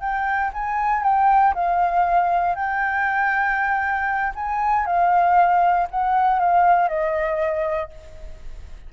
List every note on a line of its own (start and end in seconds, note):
0.00 0.51 G5
0.53 1.03 G#5
1.03 1.53 G5
1.54 2.55 F5
2.55 4.33 G5
4.35 4.86 G#5
4.86 5.87 F5
5.90 6.39 F#5
6.39 6.88 F5
6.88 7.90 D#5